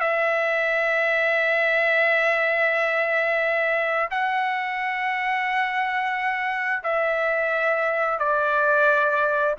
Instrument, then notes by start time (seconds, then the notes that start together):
trumpet
0.00 E5
4.10 F#5
6.83 E5
8.18 D5